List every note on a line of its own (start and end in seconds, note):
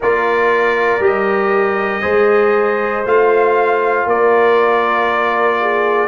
0.00 0.99 A#3
0.00 1.00 F4
0.00 2.01 A#4
0.00 1.03 D5
0.99 2.01 G3
0.99 2.01 G4
0.99 3.06 D#5
2.01 3.04 G#3
2.01 3.03 G#4
2.01 4.05 C5
3.04 4.05 A3
3.04 6.08 F4
3.04 4.08 F5
4.05 6.08 A#3
4.05 5.59 A#4
4.05 6.08 D5
5.60 6.08 G#4